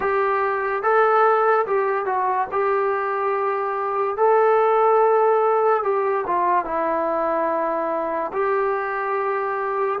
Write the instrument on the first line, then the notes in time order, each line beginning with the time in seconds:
trombone
0.00 G4
0.82 A4
1.66 G4
2.05 F#4
2.51 G4
4.17 A4
5.83 G4
6.26 F4
6.64 E4
8.33 G4